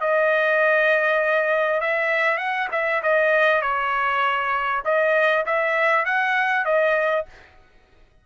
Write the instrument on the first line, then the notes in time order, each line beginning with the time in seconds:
trumpet
0.00 D#5
1.80 E5
2.37 F#5
2.71 E5
3.02 D#5
3.61 C#5
4.84 D#5
5.46 E5
6.05 F#5
6.65 D#5